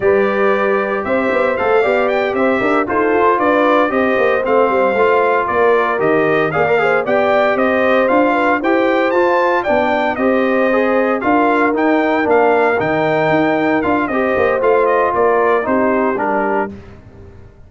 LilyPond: <<
  \new Staff \with { instrumentName = "trumpet" } { \time 4/4 \tempo 4 = 115 d''2 e''4 f''4 | g''8 e''4 c''4 d''4 dis''8~ | dis''8 f''2 d''4 dis''8~ | dis''8 f''4 g''4 dis''4 f''8~ |
f''8 g''4 a''4 g''4 dis''8~ | dis''4. f''4 g''4 f''8~ | f''8 g''2 f''8 dis''4 | f''8 dis''8 d''4 c''4 ais'4 | }
  \new Staff \with { instrumentName = "horn" } { \time 4/4 b'2 c''4. d''8~ | d''8 c''8 ais'8 a'4 b'4 c''8~ | c''2~ c''8 ais'4.~ | ais'8 d''8 c''8 d''4 c''4. |
b'8 c''2 d''4 c''8~ | c''4. ais'2~ ais'8~ | ais'2. c''4~ | c''4 ais'4 g'2 | }
  \new Staff \with { instrumentName = "trombone" } { \time 4/4 g'2. a'8 g'8~ | g'4. f'2 g'8~ | g'8 c'4 f'2 g'8~ | g'8 gis'16 ais'16 gis'8 g'2 f'8~ |
f'8 g'4 f'4 d'4 g'8~ | g'8 gis'4 f'4 dis'4 d'8~ | d'8 dis'2 f'8 g'4 | f'2 dis'4 d'4 | }
  \new Staff \with { instrumentName = "tuba" } { \time 4/4 g2 c'8 b8 a8 b8~ | b8 c'8 d'8 dis'8 f'8 d'4 c'8 | ais8 a8 g8 a4 ais4 dis8~ | dis8 ais4 b4 c'4 d'8~ |
d'8 e'4 f'4 b4 c'8~ | c'4. d'4 dis'4 ais8~ | ais8 dis4 dis'4 d'8 c'8 ais8 | a4 ais4 c'4 g4 | }
>>